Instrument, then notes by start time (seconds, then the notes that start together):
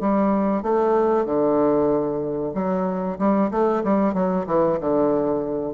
bassoon
0.00 G3
0.62 A3
1.25 D3
2.54 F#3
3.19 G3
3.51 A3
3.84 G3
4.14 F#3
4.47 E3
4.80 D3